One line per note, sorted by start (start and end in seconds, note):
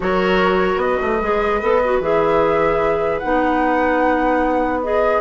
0.00 0.76 F#3
0.00 1.19 F#4
0.00 0.82 A#4
0.00 0.79 C#5
0.76 0.96 B3
0.76 2.00 D#5
0.82 5.20 B4
1.02 1.21 A3
1.21 1.62 G#3
1.21 1.61 G#4
1.61 2.00 B3
1.61 1.81 A4
1.84 2.02 F#4
2.00 3.20 E3
2.00 3.22 G#4
2.00 3.18 E5
3.18 5.20 B3
3.18 4.83 D#4
3.18 4.79 F#5
4.83 5.20 G#4
4.83 5.20 D#5